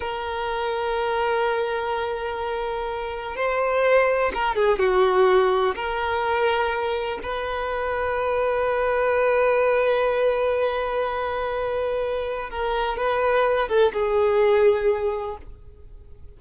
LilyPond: \new Staff \with { instrumentName = "violin" } { \time 4/4 \tempo 4 = 125 ais'1~ | ais'2. c''4~ | c''4 ais'8 gis'8 fis'2 | ais'2. b'4~ |
b'1~ | b'1~ | b'2 ais'4 b'4~ | b'8 a'8 gis'2. | }